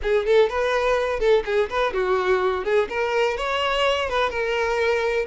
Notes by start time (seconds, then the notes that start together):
0.02 G#4
0.26 A4
0.49 B4
1.19 A4
1.45 G#4
1.69 B4
1.93 F#4
2.64 G#4
2.89 A#4
3.37 C#5
4.09 B4
4.30 A#4